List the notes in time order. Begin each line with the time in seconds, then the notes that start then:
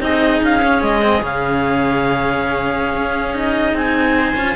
0.00 C4 D#4 G#4 D#5
0.42 C#4 F5
0.62 C#4
0.81 G#3 D#5
1.02 C4
1.21 C#3 C#4 F5
2.93 C#4
3.34 D#4 D#5
3.73 C4 G#5
4.18 C5
4.35 C#4 F4